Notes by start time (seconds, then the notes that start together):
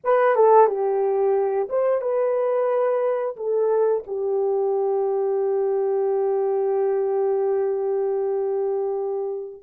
0.04 B4
0.35 A4
0.67 G4
1.69 C5
2.01 B4
3.36 A4
4.06 G4